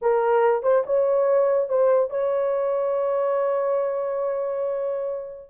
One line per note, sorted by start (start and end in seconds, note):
0.01 0.62 A#4
0.62 0.83 C5
0.85 1.68 C#5
1.68 2.09 C5
2.09 5.49 C#5